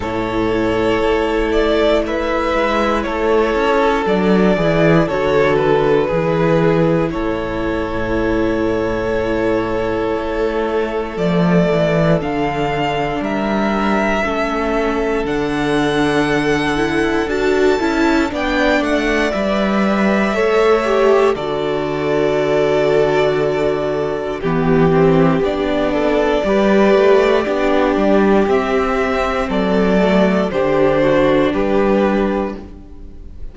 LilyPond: <<
  \new Staff \with { instrumentName = "violin" } { \time 4/4 \tempo 4 = 59 cis''4. d''8 e''4 cis''4 | d''4 cis''8 b'4. cis''4~ | cis''2. d''4 | f''4 e''2 fis''4~ |
fis''4 a''4 g''8 fis''8 e''4~ | e''4 d''2. | g'4 d''2. | e''4 d''4 c''4 b'4 | }
  \new Staff \with { instrumentName = "violin" } { \time 4/4 a'2 b'4 a'4~ | a'8 gis'8 a'4 gis'4 a'4~ | a'1~ | a'4 ais'4 a'2~ |
a'2 d''2 | cis''4 a'2. | g'4. a'8 b'4 g'4~ | g'4 a'4 g'8 fis'8 g'4 | }
  \new Staff \with { instrumentName = "viola" } { \time 4/4 e'1 | d'8 e'8 fis'4 e'2~ | e'2. a4 | d'2 cis'4 d'4~ |
d'8 e'8 fis'8 e'8 d'4 b'4 | a'8 g'8 fis'2. | b8 c'8 d'4 g'4 d'4 | c'4. a8 d'2 | }
  \new Staff \with { instrumentName = "cello" } { \time 4/4 a,4 a4. gis8 a8 cis'8 | fis8 e8 d4 e4 a,4~ | a,2 a4 f8 e8 | d4 g4 a4 d4~ |
d4 d'8 cis'8 b8 a8 g4 | a4 d2. | e4 b4 g8 a8 b8 g8 | c'4 fis4 d4 g4 | }
>>